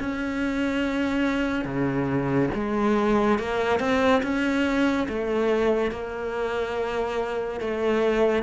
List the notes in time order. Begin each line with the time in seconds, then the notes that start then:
0.00 C#4
1.65 C#3
2.55 G#3
3.39 A#3
3.80 C4
4.23 C#4
5.09 A3
5.92 A#3
7.61 A3